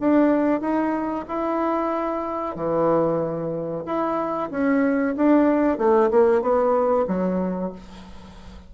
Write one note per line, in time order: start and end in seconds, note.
0.00 0.61 D4
0.61 1.25 D#4
1.28 2.55 E4
2.55 3.84 E3
3.85 4.50 E4
4.50 5.15 C#4
5.16 5.78 D4
5.78 6.10 A3
6.11 6.41 A#3
6.41 7.06 B3
7.08 7.72 F#3